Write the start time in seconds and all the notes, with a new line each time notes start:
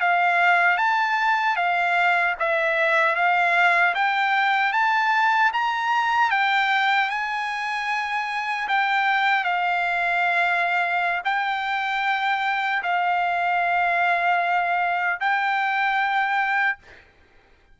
0.00 F5
0.77 A5
1.56 F5
2.39 E5
3.15 F5
3.94 G5
4.72 A5
5.53 A#5
6.31 G5
7.10 G#5
8.68 G5
9.44 F5
11.25 G5
12.83 F5
15.20 G5